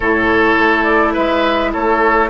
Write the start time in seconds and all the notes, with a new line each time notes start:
0.00 A2 E4 A4 C#5
0.58 A3
0.83 D5
1.13 G#3 B4 E5
1.72 A3 A4 C#5